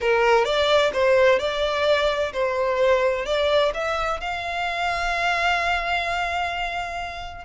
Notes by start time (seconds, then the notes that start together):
0.01 A#4
0.44 D5
0.93 C5
1.39 D5
2.32 C5
3.25 D5
3.74 E5
4.20 F5